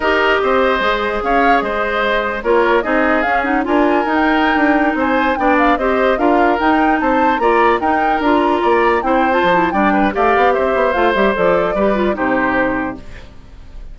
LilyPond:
<<
  \new Staff \with { instrumentName = "flute" } { \time 4/4 \tempo 4 = 148 dis''2. f''4 | dis''2 cis''4 dis''4 | f''8 fis''8 gis''4~ gis''16 g''4.~ g''16~ | g''16 gis''4 g''8 f''8 dis''4 f''8.~ |
f''16 g''4 a''4 ais''4 g''8.~ | g''16 ais''2 g''8. a''4 | g''4 f''4 e''4 f''8 e''8 | d''2 c''2 | }
  \new Staff \with { instrumentName = "oboe" } { \time 4/4 ais'4 c''2 cis''4 | c''2 ais'4 gis'4~ | gis'4 ais'2.~ | ais'16 c''4 d''4 c''4 ais'8.~ |
ais'4~ ais'16 c''4 d''4 ais'8.~ | ais'4~ ais'16 d''4 c''4.~ c''16 | d''8 b'8 d''4 c''2~ | c''4 b'4 g'2 | }
  \new Staff \with { instrumentName = "clarinet" } { \time 4/4 g'2 gis'2~ | gis'2 f'4 dis'4 | cis'8 dis'8 f'4 dis'2~ | dis'4~ dis'16 d'4 g'4 f'8.~ |
f'16 dis'2 f'4 dis'8.~ | dis'16 f'2 e'8. f'8 e'8 | d'4 g'2 f'8 g'8 | a'4 g'8 f'8 dis'2 | }
  \new Staff \with { instrumentName = "bassoon" } { \time 4/4 dis'4 c'4 gis4 cis'4 | gis2 ais4 c'4 | cis'4 d'4 dis'4~ dis'16 d'8.~ | d'16 c'4 b4 c'4 d'8.~ |
d'16 dis'4 c'4 ais4 dis'8.~ | dis'16 d'4 ais4 c'4 f8. | g4 a8 b8 c'8 b8 a8 g8 | f4 g4 c2 | }
>>